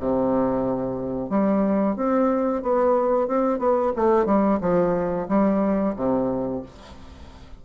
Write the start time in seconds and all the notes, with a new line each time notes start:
0.00 C3
1.30 G3
1.96 C4
2.63 B3
3.28 C4
3.59 B3
3.96 A3
4.26 G3
4.61 F3
5.29 G3
5.96 C3